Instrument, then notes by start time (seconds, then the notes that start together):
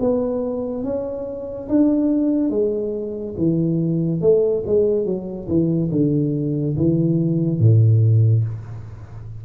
tuba
0.00 B3
0.84 C#4
1.68 D4
2.50 G#3
3.37 E3
4.21 A3
4.66 G#3
5.06 F#3
5.48 E3
5.92 D3
6.76 E3
7.59 A2